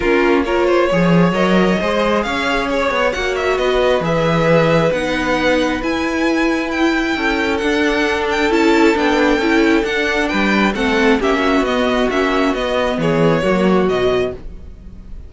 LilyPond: <<
  \new Staff \with { instrumentName = "violin" } { \time 4/4 \tempo 4 = 134 ais'4 cis''2 dis''4~ | dis''4 f''4 cis''4 fis''8 e''8 | dis''4 e''2 fis''4~ | fis''4 gis''2 g''4~ |
g''4 fis''4. g''8 a''4 | g''2 fis''4 g''4 | fis''4 e''4 dis''4 e''4 | dis''4 cis''2 dis''4 | }
  \new Staff \with { instrumentName = "violin" } { \time 4/4 f'4 ais'8 c''8 cis''2 | c''4 cis''2. | b'1~ | b'1 |
a'1~ | a'2. b'4 | a'4 g'8 fis'2~ fis'8~ | fis'4 gis'4 fis'2 | }
  \new Staff \with { instrumentName = "viola" } { \time 4/4 cis'4 f'4 gis'4 ais'4 | gis'2. fis'4~ | fis'4 gis'2 dis'4~ | dis'4 e'2.~ |
e'4 d'2 e'4 | d'4 e'4 d'2 | c'4 cis'4 b4 cis'4 | b2 ais4 fis4 | }
  \new Staff \with { instrumentName = "cello" } { \time 4/4 ais2 f4 fis4 | gis4 cis'4. b8 ais4 | b4 e2 b4~ | b4 e'2. |
cis'4 d'2 cis'4 | b4 cis'4 d'4 g4 | a4 ais4 b4 ais4 | b4 e4 fis4 b,4 | }
>>